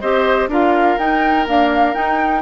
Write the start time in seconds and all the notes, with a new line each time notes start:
0.00 C4 G4 C5 D#5
0.48 D4 F4 A#4 F5
0.98 D#4 G5
1.46 A#3 D4 F5
1.93 D#4 G5